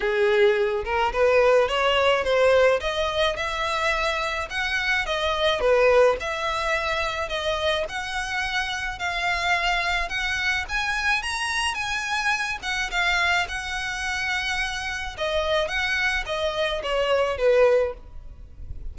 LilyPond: \new Staff \with { instrumentName = "violin" } { \time 4/4 \tempo 4 = 107 gis'4. ais'8 b'4 cis''4 | c''4 dis''4 e''2 | fis''4 dis''4 b'4 e''4~ | e''4 dis''4 fis''2 |
f''2 fis''4 gis''4 | ais''4 gis''4. fis''8 f''4 | fis''2. dis''4 | fis''4 dis''4 cis''4 b'4 | }